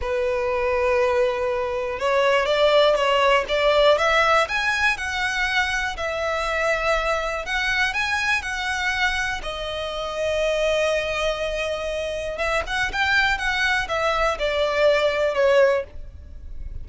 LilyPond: \new Staff \with { instrumentName = "violin" } { \time 4/4 \tempo 4 = 121 b'1 | cis''4 d''4 cis''4 d''4 | e''4 gis''4 fis''2 | e''2. fis''4 |
gis''4 fis''2 dis''4~ | dis''1~ | dis''4 e''8 fis''8 g''4 fis''4 | e''4 d''2 cis''4 | }